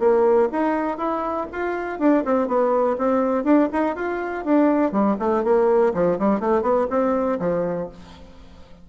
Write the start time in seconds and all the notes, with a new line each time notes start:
0.00 A#3
0.52 D#4
0.98 E4
1.52 F4
2.00 D4
2.25 C4
2.48 B3
2.98 C4
3.44 D4
3.73 D#4
3.96 F4
4.45 D4
4.92 G3
5.20 A3
5.44 A#3
5.94 F3
6.19 G3
6.40 A3
6.62 B3
6.90 C4
7.40 F3